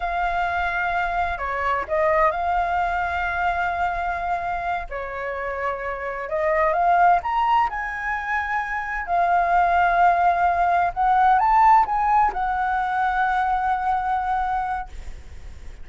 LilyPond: \new Staff \with { instrumentName = "flute" } { \time 4/4 \tempo 4 = 129 f''2. cis''4 | dis''4 f''2.~ | f''2~ f''8 cis''4.~ | cis''4. dis''4 f''4 ais''8~ |
ais''8 gis''2. f''8~ | f''2.~ f''8 fis''8~ | fis''8 a''4 gis''4 fis''4.~ | fis''1 | }